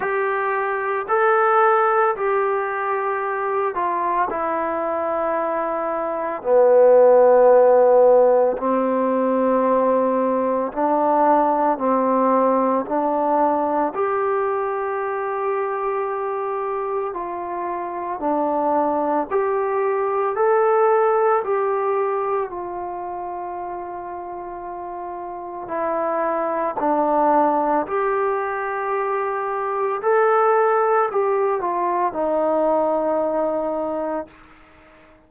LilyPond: \new Staff \with { instrumentName = "trombone" } { \time 4/4 \tempo 4 = 56 g'4 a'4 g'4. f'8 | e'2 b2 | c'2 d'4 c'4 | d'4 g'2. |
f'4 d'4 g'4 a'4 | g'4 f'2. | e'4 d'4 g'2 | a'4 g'8 f'8 dis'2 | }